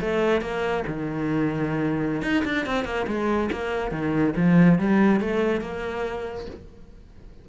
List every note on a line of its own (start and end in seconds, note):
0.00 0.41 A3
0.41 0.83 A#3
0.87 2.22 D#3
2.22 2.43 D#4
2.45 2.66 D4
2.66 2.85 C4
2.85 3.06 A#3
3.07 3.50 G#3
3.51 3.91 A#3
3.91 4.34 D#3
4.36 4.78 F3
4.78 5.20 G3
5.20 5.61 A3
5.61 6.46 A#3